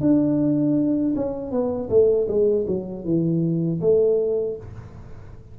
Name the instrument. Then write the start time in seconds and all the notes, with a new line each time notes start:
tuba
0.00 D4
1.15 C#4
1.51 B3
1.89 A3
2.28 G#3
2.67 F#3
3.04 E3
3.80 A3